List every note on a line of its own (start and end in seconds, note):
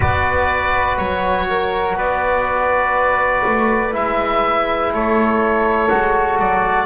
0.00 0.98 B3
0.00 3.92 F#4
0.00 1.45 B4
0.00 0.97 D5
0.97 1.95 F#3
0.97 1.95 C#5
1.49 1.96 A#4
1.95 3.42 B3
1.95 4.91 B4
1.95 3.94 D5
3.45 3.94 A3
3.92 4.90 G#3
3.92 5.88 E4
3.92 4.93 E5
4.90 5.88 A3
4.90 6.85 A4
4.90 6.39 C#5
5.89 6.39 G#3
5.89 6.85 F#4
6.39 6.85 F#3
6.39 6.85 D5